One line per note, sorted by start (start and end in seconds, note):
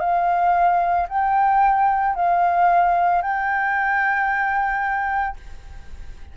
0.00 1.07 F5
1.09 2.16 G5
2.16 3.22 F5
3.22 5.37 G5